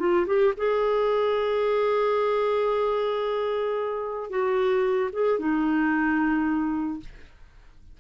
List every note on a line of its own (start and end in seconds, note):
0.00 0.27 F4
0.27 0.54 G4
0.57 4.30 G#4
4.30 5.11 F#4
5.13 5.40 G#4
5.40 7.00 D#4